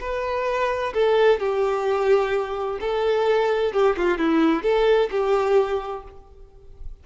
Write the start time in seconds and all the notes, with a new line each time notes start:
0.00 B4
0.93 A4
1.40 G4
2.80 A4
3.73 G4
3.97 F4
4.18 E4
4.63 A4
5.11 G4